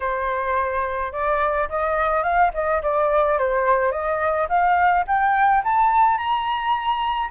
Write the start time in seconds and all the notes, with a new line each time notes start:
0.00 C5
1.12 D5
1.69 D#5
2.23 F5
2.54 D#5
2.82 D5
3.38 C5
3.91 D#5
4.49 F5
5.07 G5
5.64 A5
6.17 A#5